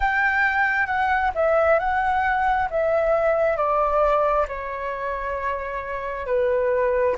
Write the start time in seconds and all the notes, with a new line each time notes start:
0.00 G5
0.86 F#5
1.34 E5
1.79 F#5
2.70 E5
3.56 D5
4.48 C#5
6.26 B4